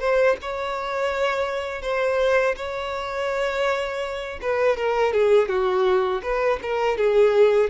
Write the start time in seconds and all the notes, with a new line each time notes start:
0.00 C5
0.42 C#5
1.82 C5
2.57 C#5
4.42 B4
4.77 A#4
5.14 G#4
5.48 F#4
6.23 B4
6.63 A#4
6.98 G#4